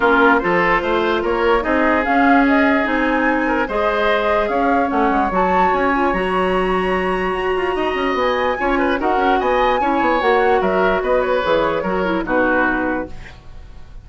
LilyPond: <<
  \new Staff \with { instrumentName = "flute" } { \time 4/4 \tempo 4 = 147 ais'4 c''2 cis''4 | dis''4 f''4 dis''4 gis''4~ | gis''4 dis''2 f''4 | fis''4 a''4 gis''4 ais''4~ |
ais''1 | gis''2 fis''4 gis''4~ | gis''4 fis''4 e''4 dis''8 cis''8~ | cis''2 b'2 | }
  \new Staff \with { instrumentName = "oboe" } { \time 4/4 f'4 a'4 c''4 ais'4 | gis'1~ | gis'8 ais'8 c''2 cis''4~ | cis''1~ |
cis''2. dis''4~ | dis''4 cis''8 b'8 ais'4 dis''4 | cis''2 ais'4 b'4~ | b'4 ais'4 fis'2 | }
  \new Staff \with { instrumentName = "clarinet" } { \time 4/4 cis'4 f'2. | dis'4 cis'2 dis'4~ | dis'4 gis'2. | cis'4 fis'4. f'8 fis'4~ |
fis'1~ | fis'4 f'4 fis'2 | e'4 fis'2. | gis'4 fis'8 e'8 dis'2 | }
  \new Staff \with { instrumentName = "bassoon" } { \time 4/4 ais4 f4 a4 ais4 | c'4 cis'2 c'4~ | c'4 gis2 cis'4 | a8 gis8 fis4 cis'4 fis4~ |
fis2 fis'8 f'8 dis'8 cis'8 | b4 cis'4 dis'8 cis'8 b4 | cis'8 b8 ais4 fis4 b4 | e4 fis4 b,2 | }
>>